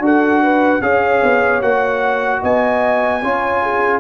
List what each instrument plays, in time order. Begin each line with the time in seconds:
0.00 tuba D4, trombone F#4, horn A4
0.06 trumpet F#5
0.43 horn B4
0.82 tuba C#4, trombone G#4, horn C#5, trumpet F5
1.23 tuba B3
1.62 tuba A#3, trombone F#4, trumpet F#5
2.42 tuba B3, horn D#5, trumpet G#5
3.23 tuba C#4, trombone F4, horn C#5
3.63 horn G#4